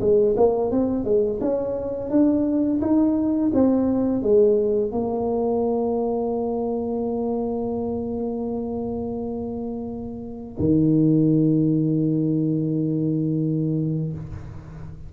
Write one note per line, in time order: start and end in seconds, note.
0.00 0.35 G#3
0.36 0.71 A#3
0.71 1.04 C4
1.04 1.39 G#3
1.40 2.10 C#4
2.10 2.80 D4
2.81 3.51 D#4
3.54 4.22 C4
4.22 4.91 G#3
4.91 10.56 A#3
10.59 14.12 D#3